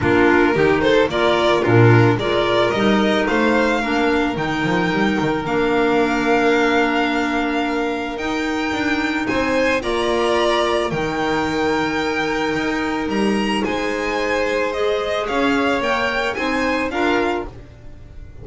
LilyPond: <<
  \new Staff \with { instrumentName = "violin" } { \time 4/4 \tempo 4 = 110 ais'4. c''8 d''4 ais'4 | d''4 dis''4 f''2 | g''2 f''2~ | f''2. g''4~ |
g''4 gis''4 ais''2 | g''1 | ais''4 gis''2 dis''4 | f''4 g''4 gis''4 f''4 | }
  \new Staff \with { instrumentName = "violin" } { \time 4/4 f'4 g'8 a'8 ais'4 f'4 | ais'2 c''4 ais'4~ | ais'1~ | ais'1~ |
ais'4 c''4 d''2 | ais'1~ | ais'4 c''2. | cis''2 c''4 ais'4 | }
  \new Staff \with { instrumentName = "clarinet" } { \time 4/4 d'4 dis'4 f'4 d'4 | f'4 dis'2 d'4 | dis'2 d'2~ | d'2. dis'4~ |
dis'2 f'2 | dis'1~ | dis'2. gis'4~ | gis'4 ais'4 dis'4 f'4 | }
  \new Staff \with { instrumentName = "double bass" } { \time 4/4 ais4 dis4 ais4 ais,4 | gis4 g4 a4 ais4 | dis8 f8 g8 dis8 ais2~ | ais2. dis'4 |
d'4 c'4 ais2 | dis2. dis'4 | g4 gis2. | cis'4 ais4 c'4 d'4 | }
>>